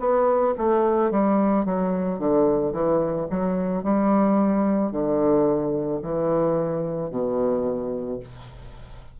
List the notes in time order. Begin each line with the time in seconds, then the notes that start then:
0.00 B3
0.58 A3
1.11 G3
1.66 F#3
2.19 D3
2.73 E3
3.30 F#3
3.83 G3
4.92 D3
6.02 E3
7.11 B2